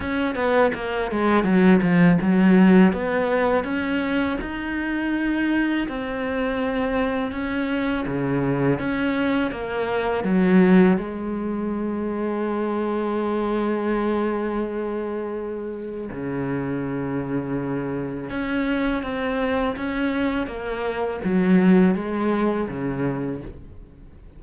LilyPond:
\new Staff \with { instrumentName = "cello" } { \time 4/4 \tempo 4 = 82 cis'8 b8 ais8 gis8 fis8 f8 fis4 | b4 cis'4 dis'2 | c'2 cis'4 cis4 | cis'4 ais4 fis4 gis4~ |
gis1~ | gis2 cis2~ | cis4 cis'4 c'4 cis'4 | ais4 fis4 gis4 cis4 | }